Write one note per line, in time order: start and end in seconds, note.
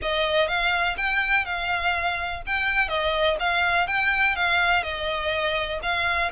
0.02 0.48 D#5
0.48 0.96 F5
0.97 1.45 G5
1.45 2.42 F5
2.46 2.88 G5
2.88 3.36 D#5
3.39 3.87 F5
3.87 4.35 G5
4.35 4.83 F5
4.83 5.80 D#5
5.82 6.31 F5